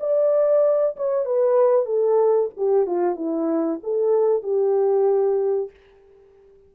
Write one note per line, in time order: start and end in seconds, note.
0.00 0.96 D5
0.96 1.25 C#5
1.25 1.85 B4
1.85 2.49 A4
2.57 2.86 G4
2.86 3.16 F4
3.16 3.79 E4
3.83 4.43 A4
4.43 5.70 G4